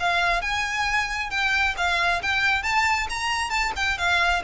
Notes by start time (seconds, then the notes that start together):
0.00 F5
0.42 G#5
1.31 G5
1.77 F5
2.23 G5
2.63 A5
3.10 A#5
3.50 A5
3.76 G5
3.98 F5